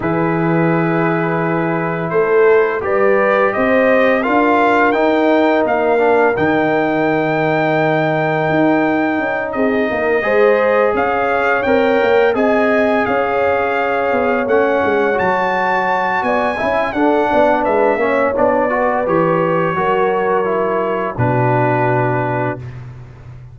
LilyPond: <<
  \new Staff \with { instrumentName = "trumpet" } { \time 4/4 \tempo 4 = 85 b'2. c''4 | d''4 dis''4 f''4 g''4 | f''4 g''2.~ | g''4. dis''2 f''8~ |
f''8 g''4 gis''4 f''4.~ | f''8 fis''4 a''4. gis''4 | fis''4 e''4 d''4 cis''4~ | cis''2 b'2 | }
  \new Staff \with { instrumentName = "horn" } { \time 4/4 gis'2. a'4 | b'4 c''4 ais'2~ | ais'1~ | ais'4. gis'8 ais'8 c''4 cis''8~ |
cis''4. dis''4 cis''4.~ | cis''2. d''8 e''8 | a'8 d''8 b'8 cis''4 b'4. | ais'2 fis'2 | }
  \new Staff \with { instrumentName = "trombone" } { \time 4/4 e'1 | g'2 f'4 dis'4~ | dis'8 d'8 dis'2.~ | dis'2~ dis'8 gis'4.~ |
gis'8 ais'4 gis'2~ gis'8~ | gis'8 cis'4 fis'2 e'8 | d'4. cis'8 d'8 fis'8 g'4 | fis'4 e'4 d'2 | }
  \new Staff \with { instrumentName = "tuba" } { \time 4/4 e2. a4 | g4 c'4 d'4 dis'4 | ais4 dis2. | dis'4 cis'8 c'8 ais8 gis4 cis'8~ |
cis'8 c'8 ais8 c'4 cis'4. | b8 a8 gis8 fis4. b8 cis'8 | d'8 b8 gis8 ais8 b4 e4 | fis2 b,2 | }
>>